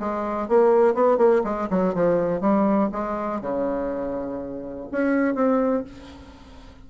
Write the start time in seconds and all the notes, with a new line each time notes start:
0.00 G#3
0.49 A#3
0.95 B3
1.18 A#3
1.44 G#3
1.70 F#3
1.95 F3
2.41 G3
2.93 G#3
3.42 C#3
4.92 C#4
5.35 C4